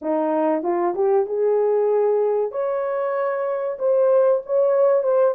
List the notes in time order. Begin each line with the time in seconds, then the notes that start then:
0.01 D#4
0.63 F4
0.94 G4
1.26 G#4
2.51 C#5
3.79 C5
4.46 C#5
5.03 C5